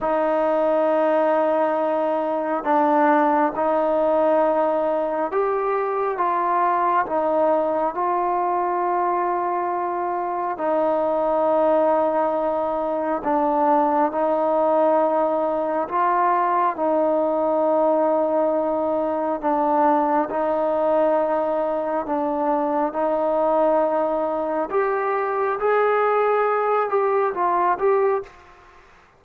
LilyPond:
\new Staff \with { instrumentName = "trombone" } { \time 4/4 \tempo 4 = 68 dis'2. d'4 | dis'2 g'4 f'4 | dis'4 f'2. | dis'2. d'4 |
dis'2 f'4 dis'4~ | dis'2 d'4 dis'4~ | dis'4 d'4 dis'2 | g'4 gis'4. g'8 f'8 g'8 | }